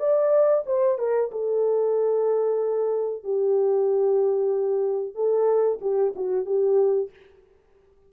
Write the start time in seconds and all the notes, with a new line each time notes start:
0.00 D5
0.67 C5
0.99 A#4
1.32 A4
3.24 G4
5.15 A4
5.82 G4
6.16 F#4
6.46 G4